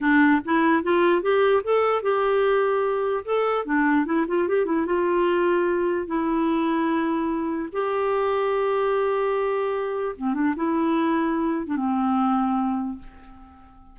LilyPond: \new Staff \with { instrumentName = "clarinet" } { \time 4/4 \tempo 4 = 148 d'4 e'4 f'4 g'4 | a'4 g'2. | a'4 d'4 e'8 f'8 g'8 e'8 | f'2. e'4~ |
e'2. g'4~ | g'1~ | g'4 c'8 d'8 e'2~ | e'8. d'16 c'2. | }